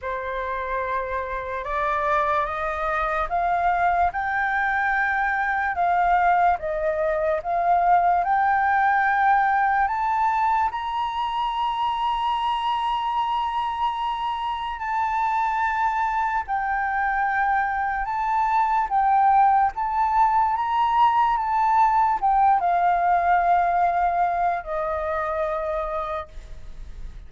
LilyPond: \new Staff \with { instrumentName = "flute" } { \time 4/4 \tempo 4 = 73 c''2 d''4 dis''4 | f''4 g''2 f''4 | dis''4 f''4 g''2 | a''4 ais''2.~ |
ais''2 a''2 | g''2 a''4 g''4 | a''4 ais''4 a''4 g''8 f''8~ | f''2 dis''2 | }